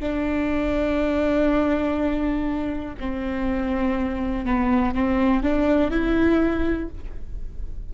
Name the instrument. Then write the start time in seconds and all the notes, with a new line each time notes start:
viola
0.00 D4
3.00 C4
4.45 B3
4.94 C4
5.44 D4
5.91 E4